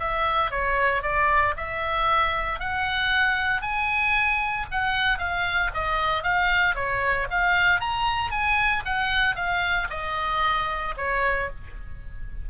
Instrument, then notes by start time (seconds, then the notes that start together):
oboe
0.00 E5
0.51 C#5
1.03 D5
1.57 E5
2.60 F#5
3.62 G#5
4.71 F#5
5.19 F5
5.74 D#5
6.23 F5
6.75 C#5
7.30 F5
7.80 A#5
8.31 G#5
8.86 F#5
9.36 F5
9.90 D#5
10.98 C#5